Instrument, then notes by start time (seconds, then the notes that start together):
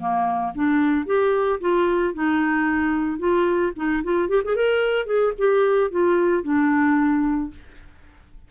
clarinet
0.00 A#3
0.55 D4
1.06 G4
1.60 F4
2.15 D#4
3.19 F4
3.76 D#4
4.04 F4
4.29 G4
4.44 G#4
4.56 A#4
5.06 G#4
5.38 G4
5.91 F4
6.44 D4